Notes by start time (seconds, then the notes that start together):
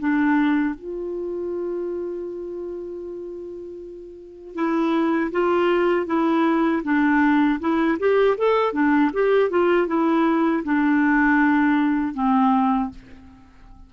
0.00 D4
0.75 F4
4.55 E4
5.32 F4
6.07 E4
6.84 D4
7.60 E4
8.00 G4
8.38 A4
8.73 D4
9.13 G4
9.50 F4
9.87 E4
10.64 D4
12.14 C4